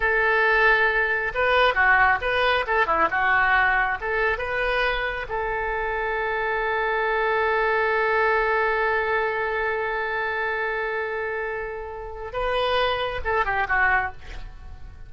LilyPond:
\new Staff \with { instrumentName = "oboe" } { \time 4/4 \tempo 4 = 136 a'2. b'4 | fis'4 b'4 a'8 e'8 fis'4~ | fis'4 a'4 b'2 | a'1~ |
a'1~ | a'1~ | a'1 | b'2 a'8 g'8 fis'4 | }